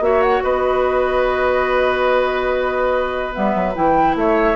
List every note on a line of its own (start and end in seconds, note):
0.00 0.40 A#3
0.00 3.33 F#4
0.00 0.44 C#5
0.00 0.22 E5
0.22 0.43 F#5
0.43 3.35 B3
0.43 4.16 B4
0.43 3.34 D#5
3.33 3.55 G3
3.33 3.73 B3
3.33 3.75 E5
3.55 3.75 F#3
3.75 4.15 E3
3.75 4.56 E4
3.75 4.16 G5
4.15 4.56 A3
4.15 4.56 C#5
4.15 4.56 E5